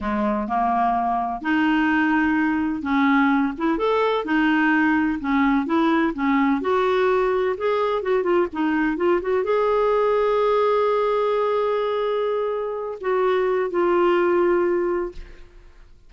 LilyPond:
\new Staff \with { instrumentName = "clarinet" } { \time 4/4 \tempo 4 = 127 gis4 ais2 dis'4~ | dis'2 cis'4. e'8 | a'4 dis'2 cis'4 | e'4 cis'4 fis'2 |
gis'4 fis'8 f'8 dis'4 f'8 fis'8 | gis'1~ | gis'2.~ gis'8 fis'8~ | fis'4 f'2. | }